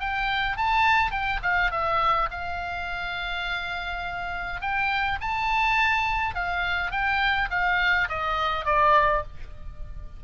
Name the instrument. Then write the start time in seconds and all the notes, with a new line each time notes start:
oboe
0.00 G5
0.57 A5
1.11 G5
1.42 F5
1.71 E5
2.31 F5
4.61 G5
5.21 A5
6.35 F5
6.91 G5
7.51 F5
8.09 D#5
8.65 D5